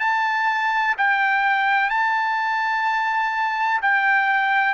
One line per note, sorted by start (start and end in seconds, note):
0.00 0.95 A5
0.98 1.90 G5
1.90 3.81 A5
3.82 4.74 G5